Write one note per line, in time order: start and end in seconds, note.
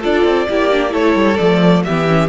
0.00 0.24 D4
0.00 0.47 F4
0.00 0.46 A4
0.00 0.93 D5
0.24 0.47 C4
0.49 0.94 A#3
0.49 0.72 E4
0.49 0.91 G4
0.72 0.89 D4
0.89 1.15 A3
0.89 1.35 E4
0.89 1.83 A4
0.89 1.37 C#5
1.15 1.38 G3
1.37 1.85 F3
1.37 1.85 A3
1.37 1.83 D5
1.83 2.29 E3
1.83 2.07 B3
1.83 2.29 G4
1.83 2.29 E5
2.07 2.29 C#4